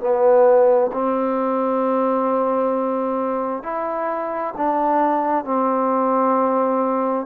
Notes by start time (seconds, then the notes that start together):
0.00 B3
0.93 C4
3.63 E4
4.57 D4
5.45 C4